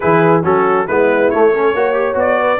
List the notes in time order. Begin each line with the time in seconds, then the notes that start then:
0.00 E3 E4 G#4 B4
0.43 F#3 C#4 F#4 A4
0.87 G#3 B3 E4 B4
1.30 A3 C#5
1.54 C#4 A4
1.73 A#3 F#4 C#5
1.94 G4
2.14 B3 F#4 D5
2.41 B4